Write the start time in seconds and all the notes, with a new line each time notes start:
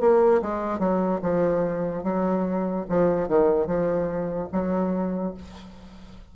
0.00 A#3
0.42 G#3
0.79 F#3
1.22 F3
2.04 F#3
2.89 F3
3.28 D#3
3.67 F3
4.52 F#3